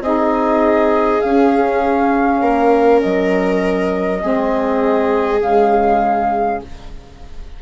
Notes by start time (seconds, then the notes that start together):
0.00 C4 D#4 G#4 D#5
1.21 C#4 F5
2.41 A#3 A#4
3.01 F#3 D#5
4.20 G#3 C4 G#4
5.40 C#3 G#3 F5